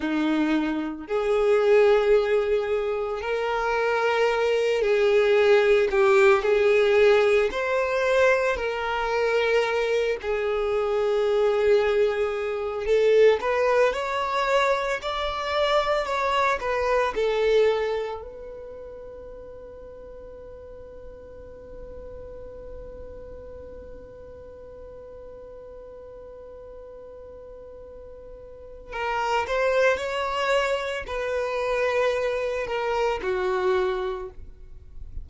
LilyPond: \new Staff \with { instrumentName = "violin" } { \time 4/4 \tempo 4 = 56 dis'4 gis'2 ais'4~ | ais'8 gis'4 g'8 gis'4 c''4 | ais'4. gis'2~ gis'8 | a'8 b'8 cis''4 d''4 cis''8 b'8 |
a'4 b'2.~ | b'1~ | b'2. ais'8 c''8 | cis''4 b'4. ais'8 fis'4 | }